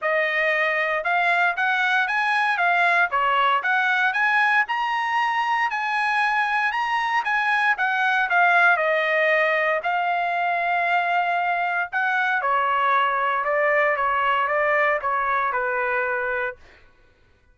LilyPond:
\new Staff \with { instrumentName = "trumpet" } { \time 4/4 \tempo 4 = 116 dis''2 f''4 fis''4 | gis''4 f''4 cis''4 fis''4 | gis''4 ais''2 gis''4~ | gis''4 ais''4 gis''4 fis''4 |
f''4 dis''2 f''4~ | f''2. fis''4 | cis''2 d''4 cis''4 | d''4 cis''4 b'2 | }